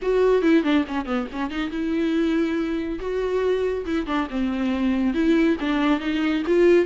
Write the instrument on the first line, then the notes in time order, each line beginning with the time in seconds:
viola
0.02 F#4
0.42 E4
0.63 D4
0.87 C#4
1.05 B3
1.32 C#4
1.50 D#4
1.70 E4
2.99 F#4
3.85 E4
4.06 D4
4.30 C4
5.14 E4
5.60 D4
6.00 D#4
6.46 F4